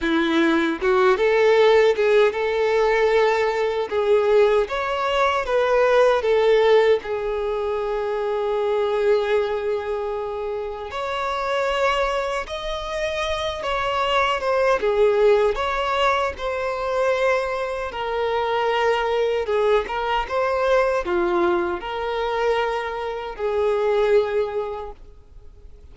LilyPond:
\new Staff \with { instrumentName = "violin" } { \time 4/4 \tempo 4 = 77 e'4 fis'8 a'4 gis'8 a'4~ | a'4 gis'4 cis''4 b'4 | a'4 gis'2.~ | gis'2 cis''2 |
dis''4. cis''4 c''8 gis'4 | cis''4 c''2 ais'4~ | ais'4 gis'8 ais'8 c''4 f'4 | ais'2 gis'2 | }